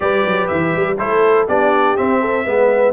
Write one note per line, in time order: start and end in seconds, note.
0.00 0.25 G3
0.00 0.96 G4
0.00 0.99 B4
0.00 0.47 D5
0.25 0.50 F#3
0.47 0.75 E3
0.47 0.97 E5
0.75 0.99 G3
0.98 1.48 A3
0.98 1.47 E4
0.98 1.47 A4
0.98 1.47 C5
1.47 1.97 B3
1.47 1.96 D4
1.47 2.20 G4
1.47 1.96 D5
1.96 2.45 C4
1.96 2.46 C4
1.96 2.93 E5
2.20 2.45 A4
2.45 2.93 G#3
2.45 2.93 B3
2.45 2.93 B4